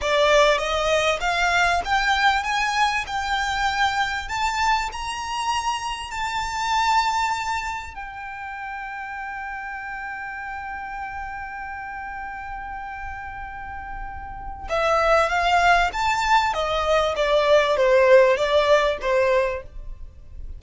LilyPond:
\new Staff \with { instrumentName = "violin" } { \time 4/4 \tempo 4 = 98 d''4 dis''4 f''4 g''4 | gis''4 g''2 a''4 | ais''2 a''2~ | a''4 g''2.~ |
g''1~ | g''1 | e''4 f''4 a''4 dis''4 | d''4 c''4 d''4 c''4 | }